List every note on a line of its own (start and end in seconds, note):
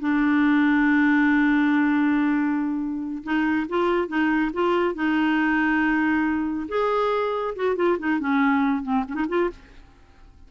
0.00 3.24 D4
3.24 3.67 D#4
3.69 4.08 F4
4.08 4.52 D#4
4.53 4.95 F4
4.95 6.68 D#4
6.68 7.55 G#4
7.56 7.76 F#4
7.76 7.98 F4
7.99 8.20 D#4
8.20 8.83 C#4
8.83 9.05 C4
9.09 9.15 C#4
9.09 9.26 D#4
9.29 9.50 F4